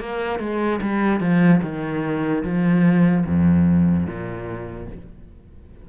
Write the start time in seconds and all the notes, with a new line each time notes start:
0.00 A#3
0.40 G#3
0.81 G3
1.21 F3
1.63 D#3
2.44 F3
3.26 F2
4.07 A#2